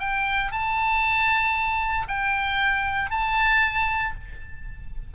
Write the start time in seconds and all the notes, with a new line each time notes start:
0.00 G5
0.52 A5
2.08 G5
3.11 A5